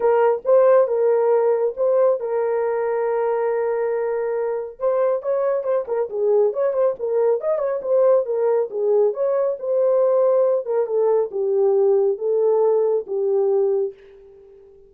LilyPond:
\new Staff \with { instrumentName = "horn" } { \time 4/4 \tempo 4 = 138 ais'4 c''4 ais'2 | c''4 ais'2.~ | ais'2. c''4 | cis''4 c''8 ais'8 gis'4 cis''8 c''8 |
ais'4 dis''8 cis''8 c''4 ais'4 | gis'4 cis''4 c''2~ | c''8 ais'8 a'4 g'2 | a'2 g'2 | }